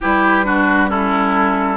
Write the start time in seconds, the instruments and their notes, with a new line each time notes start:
0.00 bassoon G3, clarinet E4, oboe G4, flute B4
0.44 clarinet D4, oboe F#4
0.88 clarinet C#4, oboe E4, flute A4